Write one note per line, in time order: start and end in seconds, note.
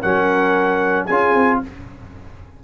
0.00 1.09 F#3
0.00 1.09 C#4
0.00 1.06 A#4
0.00 1.06 F#5
1.06 1.34 C#4
1.06 1.63 F4
1.06 1.59 G#4
1.06 1.59 G#5
1.34 1.60 C4